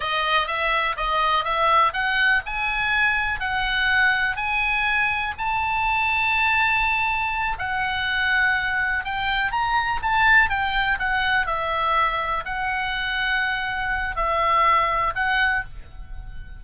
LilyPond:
\new Staff \with { instrumentName = "oboe" } { \time 4/4 \tempo 4 = 123 dis''4 e''4 dis''4 e''4 | fis''4 gis''2 fis''4~ | fis''4 gis''2 a''4~ | a''2.~ a''8 fis''8~ |
fis''2~ fis''8 g''4 ais''8~ | ais''8 a''4 g''4 fis''4 e''8~ | e''4. fis''2~ fis''8~ | fis''4 e''2 fis''4 | }